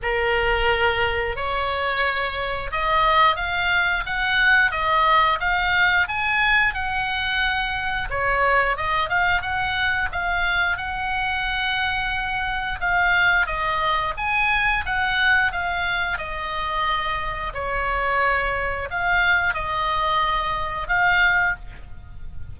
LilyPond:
\new Staff \with { instrumentName = "oboe" } { \time 4/4 \tempo 4 = 89 ais'2 cis''2 | dis''4 f''4 fis''4 dis''4 | f''4 gis''4 fis''2 | cis''4 dis''8 f''8 fis''4 f''4 |
fis''2. f''4 | dis''4 gis''4 fis''4 f''4 | dis''2 cis''2 | f''4 dis''2 f''4 | }